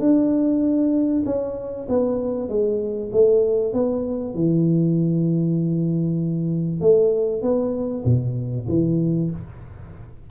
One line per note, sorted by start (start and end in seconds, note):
0.00 1.24 D4
1.26 1.88 C#4
1.89 2.49 B3
2.49 3.11 G#3
3.13 3.73 A3
3.73 4.35 B3
4.35 6.81 E3
6.81 7.43 A3
7.43 8.04 B3
8.05 8.67 B2
8.69 9.31 E3